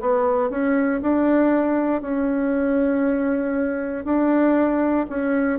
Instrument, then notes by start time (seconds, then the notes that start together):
bassoon
0.00 B3
0.49 C#4
1.02 D4
2.01 C#4
4.04 D4
5.09 C#4